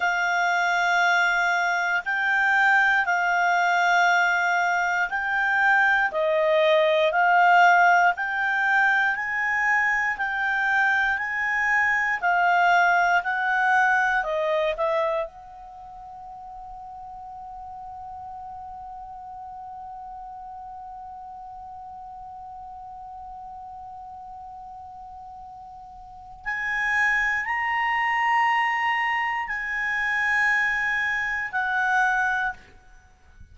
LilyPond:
\new Staff \with { instrumentName = "clarinet" } { \time 4/4 \tempo 4 = 59 f''2 g''4 f''4~ | f''4 g''4 dis''4 f''4 | g''4 gis''4 g''4 gis''4 | f''4 fis''4 dis''8 e''8 fis''4~ |
fis''1~ | fis''1~ | fis''2 gis''4 ais''4~ | ais''4 gis''2 fis''4 | }